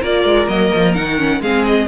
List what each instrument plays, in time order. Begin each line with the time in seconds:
0.00 cello A#3, viola F4, violin A#4 D5
0.25 cello G#3
0.48 cello F#3, viola A#3, violin D#5
0.75 cello F3
0.95 cello D#3, viola D#4, violin F#5
1.19 viola C#4
1.41 cello G#3, viola C4, violin G#4 F5
1.67 violin D#5